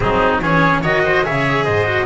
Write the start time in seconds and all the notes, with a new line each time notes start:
0.00 F#3 C4 D#4 G#4
0.41 E3 C#4 G#4 C#5
0.81 D#3 F#4 C#5 D#5
1.04 C5
1.24 C#3 G#4 C#5 E5
1.64 G#2 C5 D#5
1.84 F#4